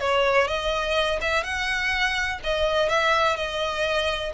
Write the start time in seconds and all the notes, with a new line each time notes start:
0.00 C#5
0.48 D#5
1.21 E5
1.44 F#5
2.43 D#5
2.89 E5
3.36 D#5